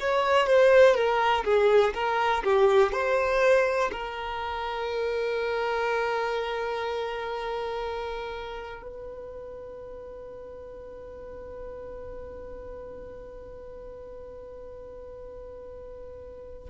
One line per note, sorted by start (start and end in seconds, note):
0.00 0.47 C#5
0.47 0.95 C5
0.95 1.44 A#4
1.45 1.94 G#4
1.94 2.44 A#4
2.44 2.92 G4
2.92 3.91 C5
3.92 8.83 A#4
8.83 16.69 B4